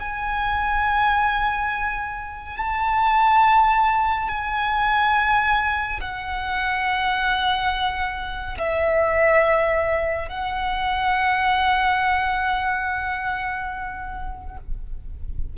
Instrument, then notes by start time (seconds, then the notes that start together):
violin
0.00 G#5
2.57 A5
4.29 G#5
6.01 F#5
8.58 E5
10.29 F#5